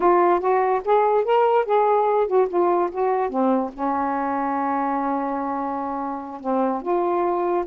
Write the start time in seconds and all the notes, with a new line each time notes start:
0.00 F4
0.39 F#4
0.84 G#4
1.24 A#4
1.65 G#4
2.27 F#4
2.48 F4
2.91 F#4
3.29 C4
3.73 C#4
6.40 C4
6.82 F4